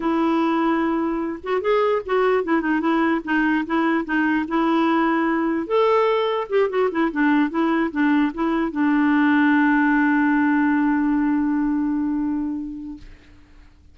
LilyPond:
\new Staff \with { instrumentName = "clarinet" } { \time 4/4 \tempo 4 = 148 e'2.~ e'8 fis'8 | gis'4 fis'4 e'8 dis'8 e'4 | dis'4 e'4 dis'4 e'4~ | e'2 a'2 |
g'8 fis'8 e'8 d'4 e'4 d'8~ | d'8 e'4 d'2~ d'8~ | d'1~ | d'1 | }